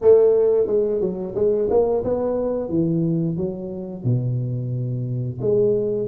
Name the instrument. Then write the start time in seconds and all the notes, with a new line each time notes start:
tuba
0.01 A3
0.66 G#3
1.00 F#3
1.35 G#3
1.69 A#3
2.04 B3
2.69 E3
3.36 F#3
4.04 B2
5.41 G#3